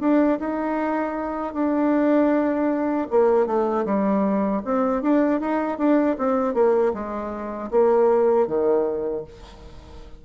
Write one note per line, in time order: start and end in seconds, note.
0.00 0.38 D4
0.39 1.53 D#4
1.53 3.07 D4
3.10 3.46 A#3
3.46 3.85 A3
3.85 4.62 G3
4.64 5.02 C4
5.02 5.40 D4
5.40 5.78 D#4
5.78 6.16 D4
6.18 6.54 C4
6.54 6.92 A#3
6.93 7.70 G#3
7.71 8.47 A#3
8.47 9.24 D#3